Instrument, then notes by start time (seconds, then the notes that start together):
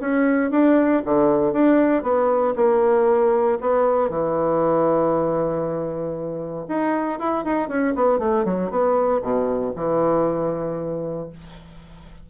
bassoon
0.00 C#4
0.51 D4
1.04 D3
1.52 D4
2.03 B3
2.55 A#3
3.60 B3
4.09 E3
6.68 D#4
7.19 E4
7.44 D#4
7.68 C#4
7.95 B3
8.19 A3
8.45 F#3
8.70 B3
9.21 B2
9.75 E3